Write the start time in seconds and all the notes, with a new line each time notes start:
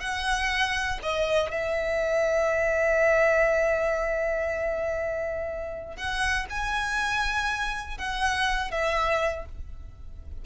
0.00 F#5
1.02 D#5
1.51 E5
5.96 F#5
6.50 G#5
7.97 F#5
8.71 E5